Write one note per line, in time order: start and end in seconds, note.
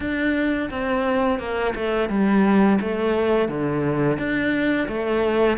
0.00 0.69 D4
0.70 1.39 C4
1.39 1.74 A#3
1.75 2.09 A3
2.09 2.79 G3
2.80 3.48 A3
3.48 4.18 D3
4.18 4.87 D4
4.88 5.57 A3